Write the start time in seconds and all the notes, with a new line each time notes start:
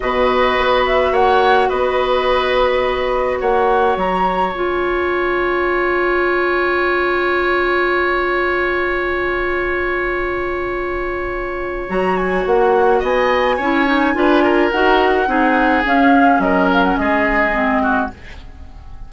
0.00 B2 F#4 B4 D#5
0.58 B3
0.86 E5
1.11 A#3 C#5 F#5
1.68 B3 B4 D#5
3.39 A#3 C#5 F#5
3.96 F#3 A#5
4.52 C#4 F4 G#5
11.89 F#3 F#4 A#5
12.16 G#5
12.46 A#3 F#5
12.99 B3 D#5 G#5
13.56 C#4 E4 C#5
13.86 D#4
14.14 D4 F4 B4
14.43 A#4
14.70 D#4 F#4 F#5
15.26 C4 D#4 G#4
15.84 C#4 F5
16.38 F#3 A#4 D#5
16.73 F5
16.83 F#5
16.97 G#3 G#4 D#5
17.52 C4
17.82 F#4